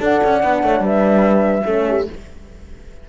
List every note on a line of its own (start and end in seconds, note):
0.00 0.21 D4
0.00 0.41 A4
0.00 0.64 D5
0.00 0.85 F#5
0.24 0.43 C#4
0.42 0.63 B3
0.42 1.65 D4
0.63 0.80 A3
0.63 0.83 C#5
0.80 1.62 G3
0.80 1.65 B4
0.80 2.08 E5
1.65 2.08 A3
1.65 2.07 C#4
1.65 1.85 A4
1.89 2.09 G4